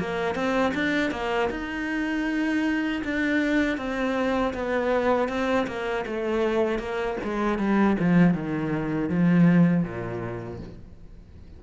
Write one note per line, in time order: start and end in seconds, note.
0.00 0.35 A#3
0.35 0.73 C4
0.74 1.11 D4
1.11 1.49 A#3
1.51 3.02 D#4
3.04 3.78 D4
3.78 4.54 C4
4.54 5.29 B3
5.29 5.67 C4
5.67 6.05 A#3
6.06 6.79 A3
6.79 7.17 A#3
7.24 7.59 G#3
7.59 7.97 G3
8.00 8.34 F3
8.34 9.10 D#3
9.10 9.84 F3
9.84 10.59 A#2